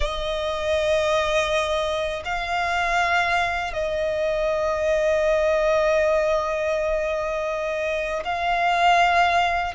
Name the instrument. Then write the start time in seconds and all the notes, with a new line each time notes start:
violin
0.00 D#5
2.25 F5
3.73 D#5
8.24 F5